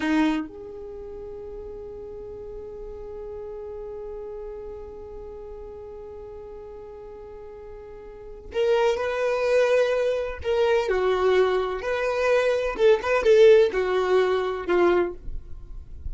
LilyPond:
\new Staff \with { instrumentName = "violin" } { \time 4/4 \tempo 4 = 127 dis'4 gis'2.~ | gis'1~ | gis'1~ | gis'1~ |
gis'2 ais'4 b'4~ | b'2 ais'4 fis'4~ | fis'4 b'2 a'8 b'8 | a'4 fis'2 f'4 | }